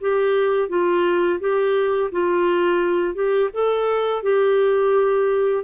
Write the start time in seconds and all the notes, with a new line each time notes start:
0.00 G4
0.69 F4
1.40 G4
2.11 F4
3.14 G4
3.53 A4
4.22 G4